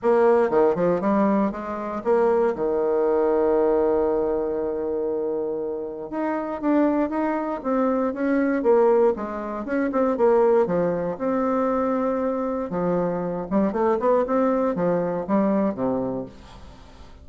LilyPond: \new Staff \with { instrumentName = "bassoon" } { \time 4/4 \tempo 4 = 118 ais4 dis8 f8 g4 gis4 | ais4 dis2.~ | dis1 | dis'4 d'4 dis'4 c'4 |
cis'4 ais4 gis4 cis'8 c'8 | ais4 f4 c'2~ | c'4 f4. g8 a8 b8 | c'4 f4 g4 c4 | }